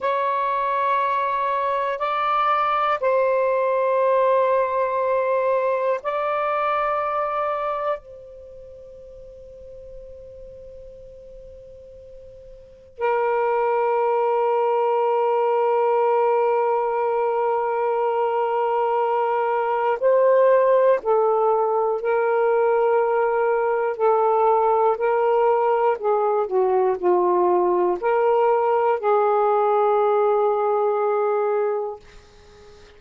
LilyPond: \new Staff \with { instrumentName = "saxophone" } { \time 4/4 \tempo 4 = 60 cis''2 d''4 c''4~ | c''2 d''2 | c''1~ | c''4 ais'2.~ |
ais'1 | c''4 a'4 ais'2 | a'4 ais'4 gis'8 fis'8 f'4 | ais'4 gis'2. | }